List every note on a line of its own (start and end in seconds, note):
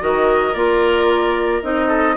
0.00 0.55 D#3
0.00 0.54 F#4
0.00 1.88 A#4
0.00 0.54 D#5
0.54 1.63 A#3
0.54 1.62 F4
0.54 1.62 D5
1.62 2.17 C4
1.62 2.16 D#4
1.62 2.17 D#5
1.88 2.15 A4